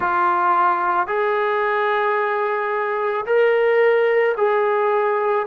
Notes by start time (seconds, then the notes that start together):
0.00 F4
1.07 G#4
3.26 A#4
4.37 G#4